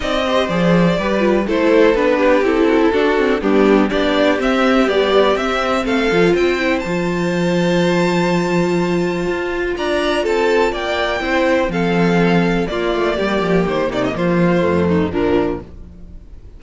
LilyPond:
<<
  \new Staff \with { instrumentName = "violin" } { \time 4/4 \tempo 4 = 123 dis''4 d''2 c''4 | b'4 a'2 g'4 | d''4 e''4 d''4 e''4 | f''4 g''4 a''2~ |
a''1 | ais''4 a''4 g''2 | f''2 d''2 | c''8 d''16 dis''16 c''2 ais'4 | }
  \new Staff \with { instrumentName = "violin" } { \time 4/4 d''8 c''4. b'4 a'4~ | a'8 g'4 fis'16 e'16 fis'4 d'4 | g'1 | a'4 c''2.~ |
c''1 | d''4 a'4 d''4 c''4 | a'2 f'4 g'4~ | g'8 dis'8 f'4. dis'8 d'4 | }
  \new Staff \with { instrumentName = "viola" } { \time 4/4 dis'8 g'8 gis'4 g'8 f'8 e'4 | d'4 e'4 d'8 c'8 b4 | d'4 c'4 g4 c'4~ | c'8 f'4 e'8 f'2~ |
f'1~ | f'2. e'4 | c'2 ais2~ | ais2 a4 f4 | }
  \new Staff \with { instrumentName = "cello" } { \time 4/4 c'4 f4 g4 a4 | b4 c'4 d'4 g4 | b4 c'4 b4 c'4 | a8 f8 c'4 f2~ |
f2. f'4 | d'4 c'4 ais4 c'4 | f2 ais8 a8 g8 f8 | dis8 c8 f4 f,4 ais,4 | }
>>